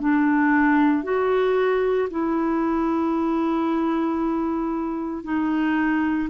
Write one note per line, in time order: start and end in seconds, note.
0.00 1.04 D4
1.04 2.09 F#4
2.11 5.24 E4
5.24 6.29 D#4